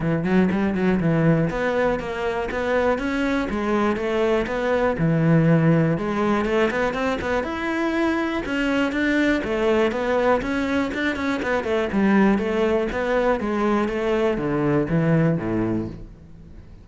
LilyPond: \new Staff \with { instrumentName = "cello" } { \time 4/4 \tempo 4 = 121 e8 fis8 g8 fis8 e4 b4 | ais4 b4 cis'4 gis4 | a4 b4 e2 | gis4 a8 b8 c'8 b8 e'4~ |
e'4 cis'4 d'4 a4 | b4 cis'4 d'8 cis'8 b8 a8 | g4 a4 b4 gis4 | a4 d4 e4 a,4 | }